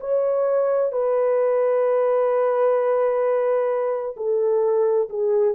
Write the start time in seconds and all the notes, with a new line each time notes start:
0.00 C#5
0.92 B4
4.17 A4
5.09 G#4